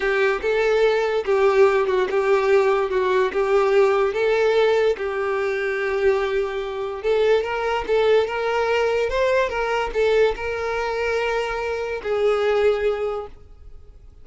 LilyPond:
\new Staff \with { instrumentName = "violin" } { \time 4/4 \tempo 4 = 145 g'4 a'2 g'4~ | g'8 fis'8 g'2 fis'4 | g'2 a'2 | g'1~ |
g'4 a'4 ais'4 a'4 | ais'2 c''4 ais'4 | a'4 ais'2.~ | ais'4 gis'2. | }